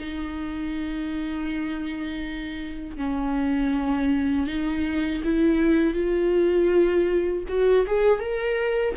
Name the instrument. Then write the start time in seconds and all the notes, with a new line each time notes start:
viola
0.00 D#4
2.97 C#4
4.48 D#4
5.25 E4
5.95 F4
7.49 F#4
7.87 G#4
8.20 A#4